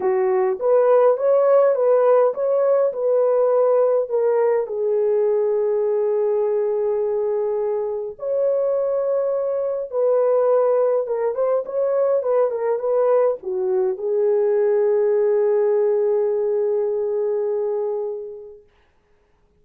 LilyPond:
\new Staff \with { instrumentName = "horn" } { \time 4/4 \tempo 4 = 103 fis'4 b'4 cis''4 b'4 | cis''4 b'2 ais'4 | gis'1~ | gis'2 cis''2~ |
cis''4 b'2 ais'8 c''8 | cis''4 b'8 ais'8 b'4 fis'4 | gis'1~ | gis'1 | }